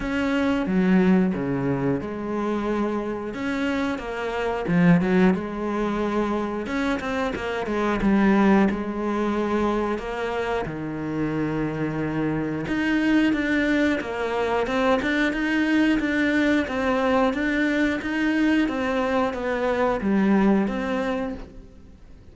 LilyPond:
\new Staff \with { instrumentName = "cello" } { \time 4/4 \tempo 4 = 90 cis'4 fis4 cis4 gis4~ | gis4 cis'4 ais4 f8 fis8 | gis2 cis'8 c'8 ais8 gis8 | g4 gis2 ais4 |
dis2. dis'4 | d'4 ais4 c'8 d'8 dis'4 | d'4 c'4 d'4 dis'4 | c'4 b4 g4 c'4 | }